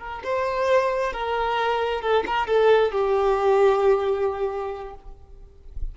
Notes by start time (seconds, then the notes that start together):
0.00 A#4
0.24 C5
1.13 A#4
2.02 A4
2.27 A#4
2.48 A4
2.92 G4